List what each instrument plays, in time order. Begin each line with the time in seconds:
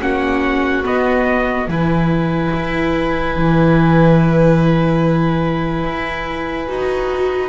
0.00 double bass A#3, viola C#4, violin F#4, trumpet F#5
0.84 viola B3, double bass B3, trumpet D#5
1.68 double bass E3, viola E4, violin B4, trumpet G#5
2.53 double bass E4
3.36 double bass E3
5.84 double bass E4
6.68 double bass D#4, viola F#4